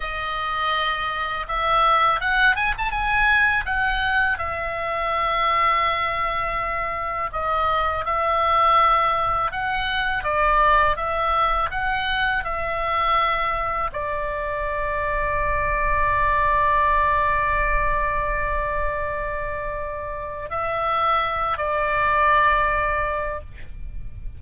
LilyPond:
\new Staff \with { instrumentName = "oboe" } { \time 4/4 \tempo 4 = 82 dis''2 e''4 fis''8 gis''16 a''16 | gis''4 fis''4 e''2~ | e''2 dis''4 e''4~ | e''4 fis''4 d''4 e''4 |
fis''4 e''2 d''4~ | d''1~ | d''1 | e''4. d''2~ d''8 | }